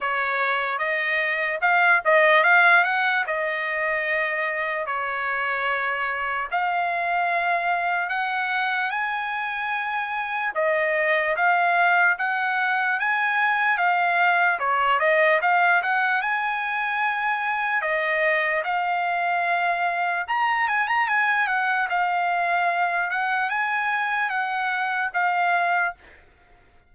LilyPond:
\new Staff \with { instrumentName = "trumpet" } { \time 4/4 \tempo 4 = 74 cis''4 dis''4 f''8 dis''8 f''8 fis''8 | dis''2 cis''2 | f''2 fis''4 gis''4~ | gis''4 dis''4 f''4 fis''4 |
gis''4 f''4 cis''8 dis''8 f''8 fis''8 | gis''2 dis''4 f''4~ | f''4 ais''8 gis''16 ais''16 gis''8 fis''8 f''4~ | f''8 fis''8 gis''4 fis''4 f''4 | }